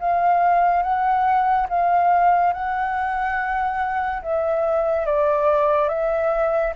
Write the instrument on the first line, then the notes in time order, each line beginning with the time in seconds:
flute
0.00 F5
0.83 F#5
1.69 F5
2.53 F#5
4.23 E5
5.06 D5
5.89 E5